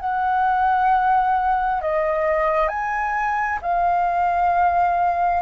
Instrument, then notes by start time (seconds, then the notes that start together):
flute
0.00 F#5
1.81 D#5
2.69 G#5
3.62 F5